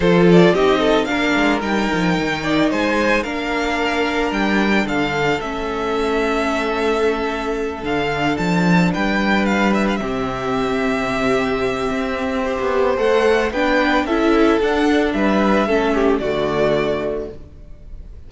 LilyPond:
<<
  \new Staff \with { instrumentName = "violin" } { \time 4/4 \tempo 4 = 111 c''8 d''8 dis''4 f''4 g''4~ | g''4 gis''4 f''2 | g''4 f''4 e''2~ | e''2~ e''8 f''4 a''8~ |
a''8 g''4 f''8 e''16 f''16 e''4.~ | e''1 | fis''4 g''4 e''4 fis''4 | e''2 d''2 | }
  \new Staff \with { instrumentName = "violin" } { \time 4/4 a'4 g'8 a'8 ais'2~ | ais'8 d''8 c''4 ais'2~ | ais'4 a'2.~ | a'1~ |
a'8 b'2 g'4.~ | g'2. c''4~ | c''4 b'4 a'2 | b'4 a'8 g'8 fis'2 | }
  \new Staff \with { instrumentName = "viola" } { \time 4/4 f'4 dis'4 d'4 dis'4~ | dis'2 d'2~ | d'2 cis'2~ | cis'2~ cis'8 d'4.~ |
d'2~ d'8 c'4.~ | c'2. g'4 | a'4 d'4 e'4 d'4~ | d'4 cis'4 a2 | }
  \new Staff \with { instrumentName = "cello" } { \time 4/4 f4 c'4 ais8 gis8 g8 f8 | dis4 gis4 ais2 | g4 d4 a2~ | a2~ a8 d4 f8~ |
f8 g2 c4.~ | c2 c'4~ c'16 b8. | a4 b4 cis'4 d'4 | g4 a4 d2 | }
>>